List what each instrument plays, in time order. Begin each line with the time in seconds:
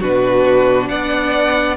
0.00 cello B2, viola D4, violin F#4 B4
0.88 cello B3, violin D5 F#5